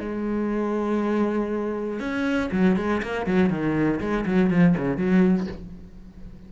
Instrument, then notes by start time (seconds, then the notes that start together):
cello
0.00 G#3
2.00 C#4
2.52 F#3
2.77 G#3
3.03 A#3
3.26 F#3
3.50 D#3
4.00 G#3
4.26 F#3
4.50 F3
4.78 C#3
4.97 F#3